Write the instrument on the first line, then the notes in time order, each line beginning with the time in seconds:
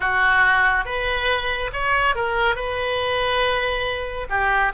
oboe
0.00 F#4
0.85 B4
1.73 C#5
2.15 A#4
2.55 B4
4.29 G4